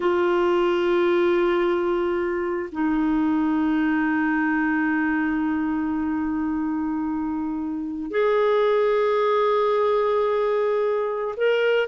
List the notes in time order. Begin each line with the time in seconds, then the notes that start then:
0.00 F4
2.71 D#4
8.10 G#4
11.37 A#4